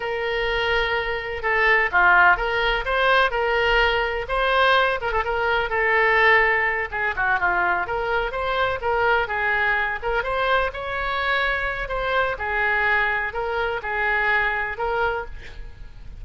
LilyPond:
\new Staff \with { instrumentName = "oboe" } { \time 4/4 \tempo 4 = 126 ais'2. a'4 | f'4 ais'4 c''4 ais'4~ | ais'4 c''4. ais'16 a'16 ais'4 | a'2~ a'8 gis'8 fis'8 f'8~ |
f'8 ais'4 c''4 ais'4 gis'8~ | gis'4 ais'8 c''4 cis''4.~ | cis''4 c''4 gis'2 | ais'4 gis'2 ais'4 | }